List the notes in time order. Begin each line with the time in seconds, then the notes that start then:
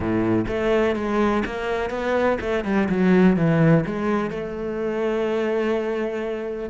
0.00 A2
0.47 A3
0.95 G#3
1.45 A#3
1.89 B3
2.40 A3
2.64 G3
2.89 F#3
3.36 E3
3.86 G#3
4.30 A3